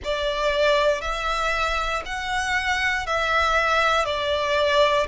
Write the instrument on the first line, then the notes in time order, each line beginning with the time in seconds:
violin
0.04 D5
1.01 E5
2.05 F#5
3.06 E5
4.05 D5